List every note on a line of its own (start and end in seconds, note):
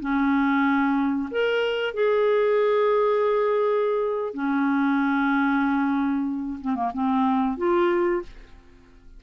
0.00 1.29 C#4
1.31 1.94 A#4
1.94 4.34 G#4
4.34 6.60 C#4
6.61 6.75 C4
6.75 6.91 A#3
6.94 7.57 C4
7.57 8.22 F4